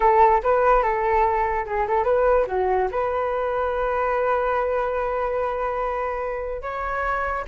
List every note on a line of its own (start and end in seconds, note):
0.00 0.41 A4
0.43 0.82 B4
0.82 1.65 A4
1.66 1.86 G#4
1.87 2.04 A4
2.04 2.45 B4
2.47 2.88 F#4
2.91 6.62 B4
6.62 7.44 C#5